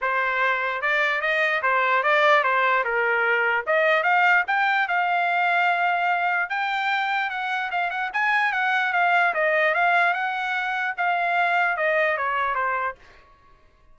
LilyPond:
\new Staff \with { instrumentName = "trumpet" } { \time 4/4 \tempo 4 = 148 c''2 d''4 dis''4 | c''4 d''4 c''4 ais'4~ | ais'4 dis''4 f''4 g''4 | f''1 |
g''2 fis''4 f''8 fis''8 | gis''4 fis''4 f''4 dis''4 | f''4 fis''2 f''4~ | f''4 dis''4 cis''4 c''4 | }